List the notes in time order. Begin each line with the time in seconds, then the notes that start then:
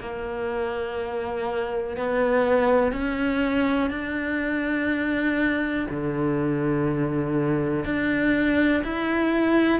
0.00 A#3
1.97 B3
2.92 C#4
3.90 D4
5.90 D3
7.85 D4
8.83 E4